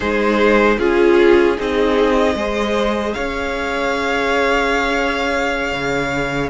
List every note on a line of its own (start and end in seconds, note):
0.00 0.78 G#3
0.00 0.79 D#4
0.00 0.77 G#4
0.00 0.78 C5
0.78 1.57 C#4
0.78 1.56 F4
0.78 1.57 F4
0.78 1.57 G#4
1.56 2.35 C4
1.56 2.36 D#4
1.56 2.35 G#4
1.56 3.13 D#5
2.35 3.13 G#3
2.35 6.50 G#4
2.35 3.15 C5
3.13 5.72 C#4
3.13 6.50 C#5
3.13 6.49 F5
5.72 6.50 C#3